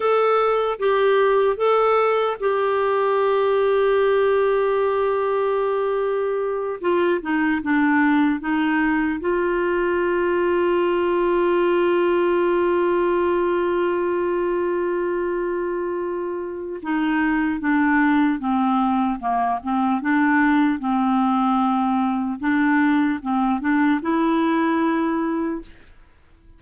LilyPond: \new Staff \with { instrumentName = "clarinet" } { \time 4/4 \tempo 4 = 75 a'4 g'4 a'4 g'4~ | g'1~ | g'8 f'8 dis'8 d'4 dis'4 f'8~ | f'1~ |
f'1~ | f'4 dis'4 d'4 c'4 | ais8 c'8 d'4 c'2 | d'4 c'8 d'8 e'2 | }